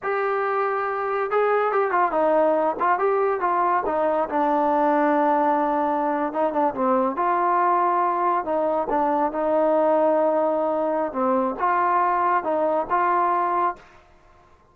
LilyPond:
\new Staff \with { instrumentName = "trombone" } { \time 4/4 \tempo 4 = 140 g'2. gis'4 | g'8 f'8 dis'4. f'8 g'4 | f'4 dis'4 d'2~ | d'2~ d'8. dis'8 d'8 c'16~ |
c'8. f'2. dis'16~ | dis'8. d'4 dis'2~ dis'16~ | dis'2 c'4 f'4~ | f'4 dis'4 f'2 | }